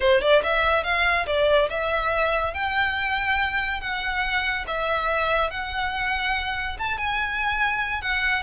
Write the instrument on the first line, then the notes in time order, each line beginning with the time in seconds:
violin
0.00 C5
0.21 D5
0.43 E5
0.83 F5
1.26 D5
1.69 E5
2.54 G5
3.80 F#5
4.67 E5
5.50 F#5
6.78 A5
6.97 G#5
8.01 F#5